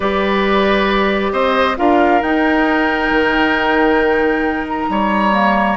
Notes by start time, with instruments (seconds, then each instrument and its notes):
0.00 bassoon G3, clarinet G4, oboe B4, flute D5
1.32 bassoon C4, oboe C5, flute D#5
1.76 bassoon D4, clarinet F4, oboe A#4, flute F5
2.21 bassoon D#4, clarinet D#4, flute G5
3.10 bassoon D#3
4.68 flute A#5
4.89 bassoon G3, oboe C#5
5.32 clarinet A#3